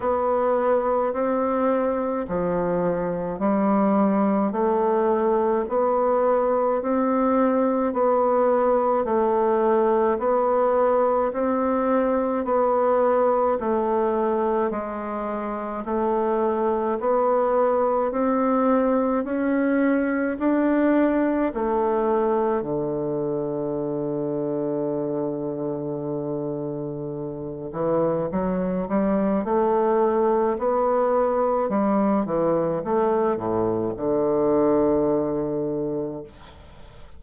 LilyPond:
\new Staff \with { instrumentName = "bassoon" } { \time 4/4 \tempo 4 = 53 b4 c'4 f4 g4 | a4 b4 c'4 b4 | a4 b4 c'4 b4 | a4 gis4 a4 b4 |
c'4 cis'4 d'4 a4 | d1~ | d8 e8 fis8 g8 a4 b4 | g8 e8 a8 a,8 d2 | }